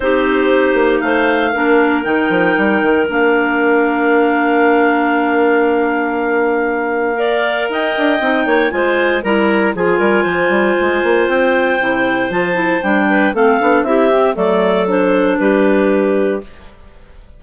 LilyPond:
<<
  \new Staff \with { instrumentName = "clarinet" } { \time 4/4 \tempo 4 = 117 c''2 f''2 | g''2 f''2~ | f''1~ | f''2. g''4~ |
g''4 gis''4 ais''4 gis''4~ | gis''2 g''2 | a''4 g''4 f''4 e''4 | d''4 c''4 b'2 | }
  \new Staff \with { instrumentName = "clarinet" } { \time 4/4 g'2 c''4 ais'4~ | ais'1~ | ais'1~ | ais'2 d''4 dis''4~ |
dis''8 cis''8 c''4 ais'4 gis'8 ais'8 | c''1~ | c''4. b'8 a'4 g'4 | a'2 g'2 | }
  \new Staff \with { instrumentName = "clarinet" } { \time 4/4 dis'2. d'4 | dis'2 d'2~ | d'1~ | d'2 ais'2 |
dis'4 f'4 e'4 f'4~ | f'2. e'4 | f'8 e'8 d'4 c'8 d'8 e'8 c'8 | a4 d'2. | }
  \new Staff \with { instrumentName = "bassoon" } { \time 4/4 c'4. ais8 a4 ais4 | dis8 f8 g8 dis8 ais2~ | ais1~ | ais2. dis'8 d'8 |
c'8 ais8 gis4 g4 f8 g8 | f8 g8 gis8 ais8 c'4 c4 | f4 g4 a8 b8 c'4 | fis2 g2 | }
>>